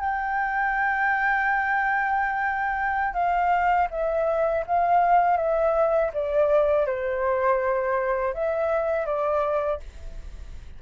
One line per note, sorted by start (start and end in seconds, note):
0.00 3.14 G5
3.14 3.88 F5
3.91 4.65 E5
4.67 5.37 F5
5.37 6.11 E5
6.13 6.87 D5
6.87 8.34 C5
8.34 9.06 E5
9.06 9.80 D5